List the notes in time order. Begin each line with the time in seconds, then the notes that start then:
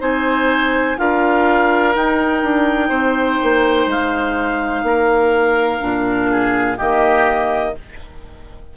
0.00 C4 D#4 C5 G#5
0.97 D4 F4 A#4 F5
1.95 D#4 G5
2.43 D4
2.89 C4 C5
3.43 A#3
3.87 G#3 F5
4.83 A#3 A#4
5.80 A#2 D4
6.31 G#4
6.78 D#3 A#3 G4 D#5